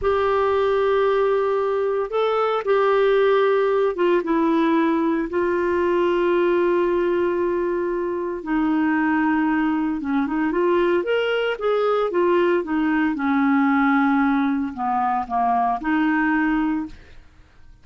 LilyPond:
\new Staff \with { instrumentName = "clarinet" } { \time 4/4 \tempo 4 = 114 g'1 | a'4 g'2~ g'8 f'8 | e'2 f'2~ | f'1 |
dis'2. cis'8 dis'8 | f'4 ais'4 gis'4 f'4 | dis'4 cis'2. | b4 ais4 dis'2 | }